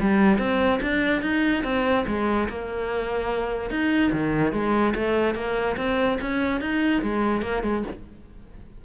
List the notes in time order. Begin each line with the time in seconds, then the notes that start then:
0.00 G3
0.38 C4
0.81 D4
1.22 D#4
1.63 C4
2.07 G#3
2.48 A#3
3.70 D#4
4.12 D#3
4.52 G#3
4.94 A3
5.35 A#3
5.76 C4
6.21 C#4
6.60 D#4
7.02 G#3
7.42 A#3
7.63 G#3